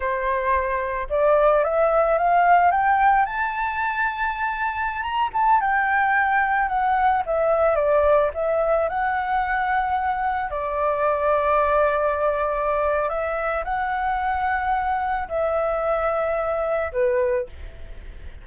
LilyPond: \new Staff \with { instrumentName = "flute" } { \time 4/4 \tempo 4 = 110 c''2 d''4 e''4 | f''4 g''4 a''2~ | a''4~ a''16 ais''8 a''8 g''4.~ g''16~ | g''16 fis''4 e''4 d''4 e''8.~ |
e''16 fis''2. d''8.~ | d''1 | e''4 fis''2. | e''2. b'4 | }